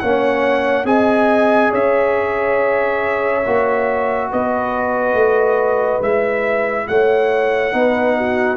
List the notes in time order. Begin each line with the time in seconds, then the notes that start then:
0.00 A#3 C#4 C#5 F#5
0.85 C4 G#4 D#5 G#5
1.71 C#4 C#5 E5
3.46 A#3 F#4
4.31 B3 B4 D#5
5.14 A3
6.01 G#3 E4 E5
6.88 A3 C#5 F#5
7.72 B3 D#4 B4
8.17 F#4